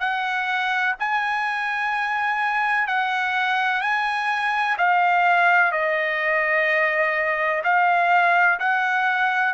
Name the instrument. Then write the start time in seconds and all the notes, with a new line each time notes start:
trumpet
0.00 F#5
1.00 G#5
2.87 F#5
3.81 G#5
4.78 F5
5.72 D#5
7.64 F5
8.60 F#5